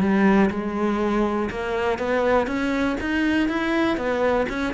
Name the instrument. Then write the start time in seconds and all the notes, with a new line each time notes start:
cello
0.00 G3
0.50 G#3
1.50 A#3
1.98 B3
2.47 C#4
3.00 D#4
3.48 E4
3.96 B3
4.49 C#4